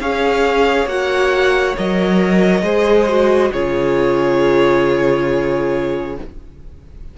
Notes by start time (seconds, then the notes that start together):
0.00 C#4 G#4 C#5 F5
0.86 A#3 F#4 F#5
1.76 F#3 A#4 D#5
2.62 G#3 G#4 C5
3.08 F#4
3.52 C#3 F4 G#4 C#5